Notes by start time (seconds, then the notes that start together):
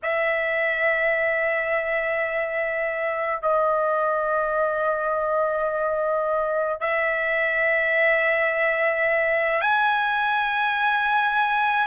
0.03 E5
3.42 D#5
6.80 E5
9.61 G#5